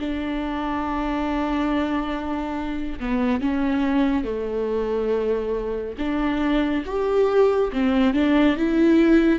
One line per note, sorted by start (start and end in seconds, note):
0.00 3.00 D4
3.00 3.42 B3
3.42 4.25 C#4
4.25 5.96 A3
5.98 6.84 D4
6.86 7.72 G4
7.73 8.14 C4
8.14 8.57 D4
8.57 9.40 E4